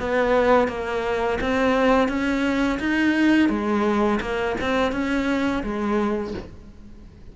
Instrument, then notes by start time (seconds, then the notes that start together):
cello
0.00 B3
0.68 A#3
1.41 C4
2.09 C#4
2.80 D#4
3.49 G#3
4.21 A#3
4.61 C4
4.92 C#4
5.63 G#3